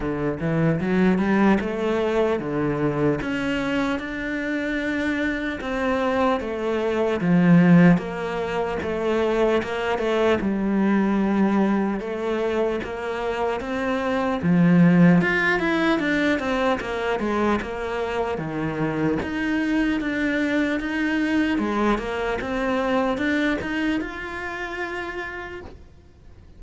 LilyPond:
\new Staff \with { instrumentName = "cello" } { \time 4/4 \tempo 4 = 75 d8 e8 fis8 g8 a4 d4 | cis'4 d'2 c'4 | a4 f4 ais4 a4 | ais8 a8 g2 a4 |
ais4 c'4 f4 f'8 e'8 | d'8 c'8 ais8 gis8 ais4 dis4 | dis'4 d'4 dis'4 gis8 ais8 | c'4 d'8 dis'8 f'2 | }